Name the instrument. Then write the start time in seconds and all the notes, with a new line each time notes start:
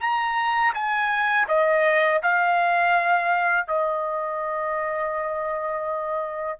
trumpet
0.00 A#5
0.74 G#5
1.48 D#5
2.22 F5
3.67 D#5